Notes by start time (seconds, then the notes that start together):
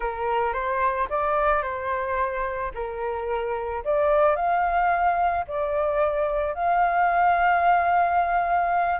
0.00 A#4
0.53 C5
1.09 D5
1.62 C5
2.74 A#4
3.84 D5
4.36 F5
5.47 D5
6.54 F5